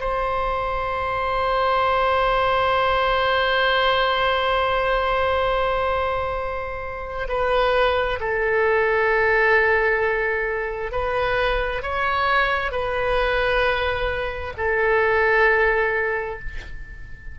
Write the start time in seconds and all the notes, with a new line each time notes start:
0.00 C5
7.28 B4
8.19 A4
10.91 B4
11.82 C#5
12.71 B4
14.57 A4